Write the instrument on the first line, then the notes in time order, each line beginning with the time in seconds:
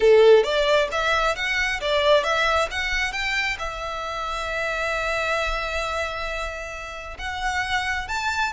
violin
0.00 A4
0.43 D5
0.91 E5
1.35 F#5
1.81 D5
2.23 E5
2.70 F#5
3.12 G5
3.58 E5
7.18 F#5
8.08 A5